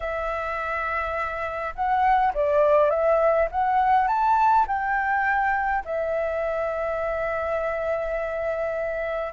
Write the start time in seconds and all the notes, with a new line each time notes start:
0.00 E5
1.75 F#5
2.34 D5
2.90 E5
3.51 F#5
4.07 A5
4.67 G5
5.85 E5